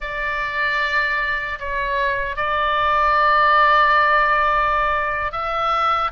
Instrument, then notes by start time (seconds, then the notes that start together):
oboe
0.00 D5
1.59 C#5
2.36 D5
5.32 E5